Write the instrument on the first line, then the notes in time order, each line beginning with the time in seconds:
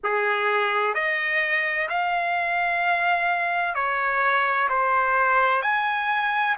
trumpet
0.03 G#4
0.94 D#5
1.88 F5
3.74 C#5
4.69 C5
5.62 G#5